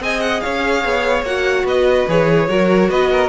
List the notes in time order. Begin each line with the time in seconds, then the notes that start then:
0.00 C4 G#4 D#5 G#5
0.21 F#5
0.41 C#4 C#5 F5
0.85 B3
1.23 A#3 F#4 F#5
1.64 B3 B4 D#5
2.08 E3 G#4 C#5
2.49 F#3 F#4 A#4
2.90 B3 B4 D#5
3.12 A#4